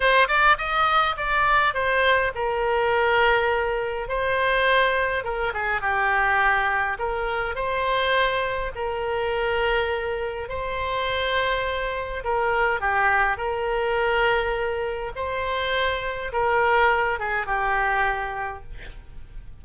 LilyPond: \new Staff \with { instrumentName = "oboe" } { \time 4/4 \tempo 4 = 103 c''8 d''8 dis''4 d''4 c''4 | ais'2. c''4~ | c''4 ais'8 gis'8 g'2 | ais'4 c''2 ais'4~ |
ais'2 c''2~ | c''4 ais'4 g'4 ais'4~ | ais'2 c''2 | ais'4. gis'8 g'2 | }